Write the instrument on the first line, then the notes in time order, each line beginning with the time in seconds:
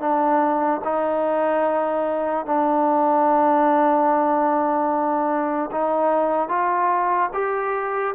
trombone
0.00 D4
0.84 D#4
2.46 D4
5.72 D#4
6.49 F4
7.34 G4